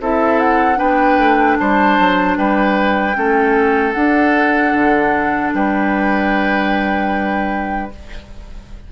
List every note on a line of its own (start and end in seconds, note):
0.00 0.79 C4
0.00 0.75 E4
0.00 0.78 A4
0.00 0.39 E5
0.39 0.78 F#5
0.75 1.18 B3
0.75 3.12 D4
0.75 1.57 B4
0.75 1.57 G5
1.18 1.57 A3
1.58 1.99 G3
1.58 2.37 C5
1.58 2.37 A5
1.99 2.37 F#3
2.37 3.16 G3
2.37 3.16 B4
2.37 3.92 G5
3.14 3.94 A3
3.14 3.93 C#4
3.14 5.54 A4
3.92 4.73 D4
3.92 7.90 D4
3.92 5.50 F#5
4.73 5.52 D3
5.54 7.90 G3
5.54 7.92 B4
5.54 7.91 G5